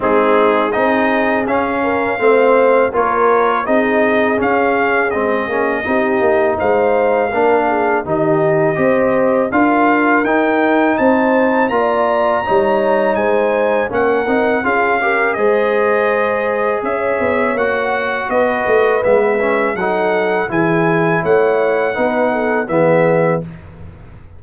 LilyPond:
<<
  \new Staff \with { instrumentName = "trumpet" } { \time 4/4 \tempo 4 = 82 gis'4 dis''4 f''2 | cis''4 dis''4 f''4 dis''4~ | dis''4 f''2 dis''4~ | dis''4 f''4 g''4 a''4 |
ais''2 gis''4 fis''4 | f''4 dis''2 e''4 | fis''4 dis''4 e''4 fis''4 | gis''4 fis''2 e''4 | }
  \new Staff \with { instrumentName = "horn" } { \time 4/4 dis'4 gis'4. ais'8 c''4 | ais'4 gis'2. | g'4 c''4 ais'8 gis'8 g'4 | c''4 ais'2 c''4 |
d''4 cis''4 c''4 ais'4 | gis'8 ais'8 c''2 cis''4~ | cis''4 b'2 a'4 | gis'4 cis''4 b'8 a'8 gis'4 | }
  \new Staff \with { instrumentName = "trombone" } { \time 4/4 c'4 dis'4 cis'4 c'4 | f'4 dis'4 cis'4 c'8 cis'8 | dis'2 d'4 dis'4 | g'4 f'4 dis'2 |
f'4 dis'2 cis'8 dis'8 | f'8 g'8 gis'2. | fis'2 b8 cis'8 dis'4 | e'2 dis'4 b4 | }
  \new Staff \with { instrumentName = "tuba" } { \time 4/4 gis4 c'4 cis'4 a4 | ais4 c'4 cis'4 gis8 ais8 | c'8 ais8 gis4 ais4 dis4 | c'4 d'4 dis'4 c'4 |
ais4 g4 gis4 ais8 c'8 | cis'4 gis2 cis'8 b8 | ais4 b8 a8 gis4 fis4 | e4 a4 b4 e4 | }
>>